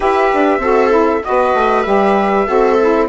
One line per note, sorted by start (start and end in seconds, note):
0.00 0.30 E4
0.00 0.60 G4
0.00 0.59 B4
0.00 1.23 E5
0.33 0.58 D4
0.58 1.20 C4
0.58 0.89 F#4
0.58 1.23 A4
0.89 1.20 E4
1.23 1.53 B3
1.23 1.85 F#4
1.23 2.47 B4
1.23 1.82 D#5
1.53 1.84 A3
1.82 2.47 G3
1.82 2.46 G4
1.82 3.06 E5
2.46 3.08 C4
2.46 2.77 F#4
2.46 3.08 A4
2.80 3.08 E4